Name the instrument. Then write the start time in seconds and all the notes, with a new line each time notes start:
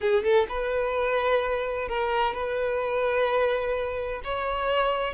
violin
0.00 G#4
0.23 A4
0.48 B4
1.88 A#4
2.34 B4
4.23 C#5